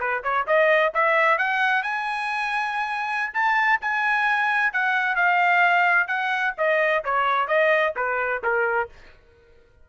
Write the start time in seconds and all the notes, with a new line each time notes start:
0.00 B4
0.23 C#5
0.47 D#5
0.94 E5
1.38 F#5
1.83 G#5
3.34 A5
3.81 G#5
4.73 F#5
5.16 F5
6.08 F#5
6.58 D#5
7.05 C#5
7.48 D#5
7.96 B4
8.43 A#4